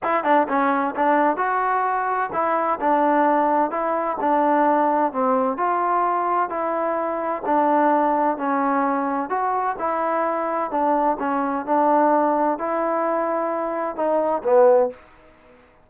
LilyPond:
\new Staff \with { instrumentName = "trombone" } { \time 4/4 \tempo 4 = 129 e'8 d'8 cis'4 d'4 fis'4~ | fis'4 e'4 d'2 | e'4 d'2 c'4 | f'2 e'2 |
d'2 cis'2 | fis'4 e'2 d'4 | cis'4 d'2 e'4~ | e'2 dis'4 b4 | }